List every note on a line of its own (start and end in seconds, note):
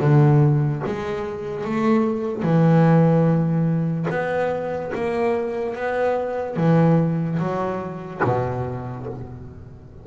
0.00 0.82 D3
0.86 1.64 G#3
1.64 2.42 A3
2.42 4.06 E3
4.09 4.92 B3
4.94 5.75 A#3
5.75 6.56 B3
6.56 7.38 E3
7.39 8.21 F#3
8.24 9.06 B2